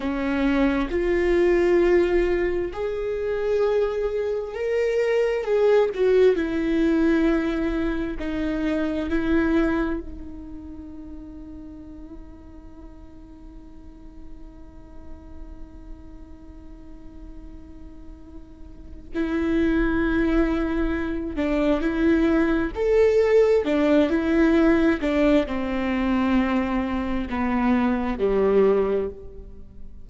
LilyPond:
\new Staff \with { instrumentName = "viola" } { \time 4/4 \tempo 4 = 66 cis'4 f'2 gis'4~ | gis'4 ais'4 gis'8 fis'8 e'4~ | e'4 dis'4 e'4 dis'4~ | dis'1~ |
dis'1~ | dis'4 e'2~ e'8 d'8 | e'4 a'4 d'8 e'4 d'8 | c'2 b4 g4 | }